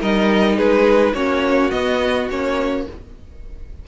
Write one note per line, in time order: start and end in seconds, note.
0.00 0.58 G3
0.00 1.14 D#4
0.00 0.56 A#4
0.00 0.57 D#5
0.56 1.13 G#3
0.56 1.13 G#4
0.56 1.14 B4
1.13 1.70 A#3
1.13 1.70 C#4
1.13 2.85 F#4
1.13 1.70 C#5
1.70 2.27 B3
1.70 2.29 B3
1.70 2.27 D#5
2.29 2.86 A#3
2.29 2.87 C#4
2.29 2.87 C#5